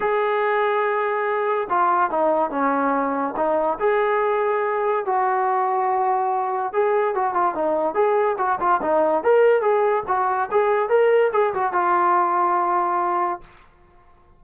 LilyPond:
\new Staff \with { instrumentName = "trombone" } { \time 4/4 \tempo 4 = 143 gis'1 | f'4 dis'4 cis'2 | dis'4 gis'2. | fis'1 |
gis'4 fis'8 f'8 dis'4 gis'4 | fis'8 f'8 dis'4 ais'4 gis'4 | fis'4 gis'4 ais'4 gis'8 fis'8 | f'1 | }